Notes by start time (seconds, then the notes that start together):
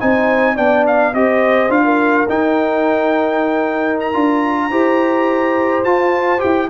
0.00 C4 D#4 C5 G#5
0.55 B3 D4 D5 G5
0.87 F5
1.14 C4 G4 C5 D#5
1.70 D4 F4 F5
1.85 A#4
2.29 D#4 G5
4.00 A#5
4.14 D4 F4
4.70 E4 G4 C5
5.85 F4 A5
6.39 E4 G4 G5